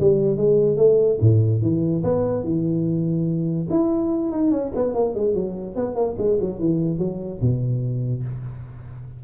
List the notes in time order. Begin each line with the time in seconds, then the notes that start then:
0.00 G3
0.36 G#3
0.77 A3
1.20 A2
1.62 E3
2.04 B3
2.43 E3
3.70 E4
4.31 D#4
4.51 C#4
4.75 B3
4.94 A#3
5.15 G#3
5.34 F#3
5.76 B3
5.95 A#3
6.18 G#3
6.40 F#3
6.59 E3
6.98 F#3
7.41 B2